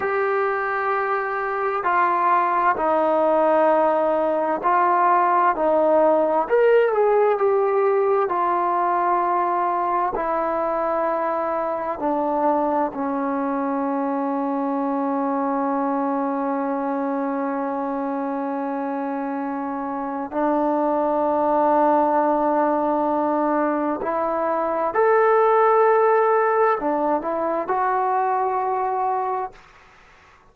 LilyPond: \new Staff \with { instrumentName = "trombone" } { \time 4/4 \tempo 4 = 65 g'2 f'4 dis'4~ | dis'4 f'4 dis'4 ais'8 gis'8 | g'4 f'2 e'4~ | e'4 d'4 cis'2~ |
cis'1~ | cis'2 d'2~ | d'2 e'4 a'4~ | a'4 d'8 e'8 fis'2 | }